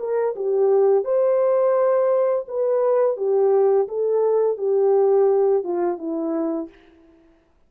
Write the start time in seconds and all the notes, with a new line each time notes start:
0.00 A#4
0.36 G4
1.05 C5
2.48 B4
3.17 G4
3.89 A4
4.58 G4
5.64 F4
5.98 E4